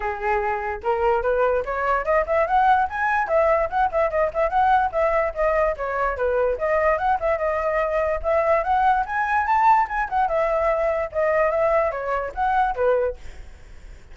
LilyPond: \new Staff \with { instrumentName = "flute" } { \time 4/4 \tempo 4 = 146 gis'2 ais'4 b'4 | cis''4 dis''8 e''8 fis''4 gis''4 | e''4 fis''8 e''8 dis''8 e''8 fis''4 | e''4 dis''4 cis''4 b'4 |
dis''4 fis''8 e''8 dis''2 | e''4 fis''4 gis''4 a''4 | gis''8 fis''8 e''2 dis''4 | e''4 cis''4 fis''4 b'4 | }